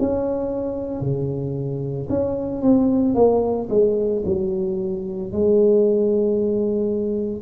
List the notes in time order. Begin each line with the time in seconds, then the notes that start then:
0.00 C#4
1.01 C#3
2.10 C#4
2.62 C4
3.15 A#3
3.70 G#3
4.26 F#3
5.33 G#3